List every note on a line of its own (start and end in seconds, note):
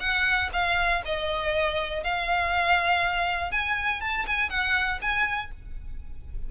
0.00 0.50 F#5
0.53 1.02 F5
1.05 2.04 D#5
2.04 3.51 F5
3.51 4.01 G#5
4.01 4.26 A5
4.27 4.50 G#5
4.50 4.99 F#5
5.01 5.51 G#5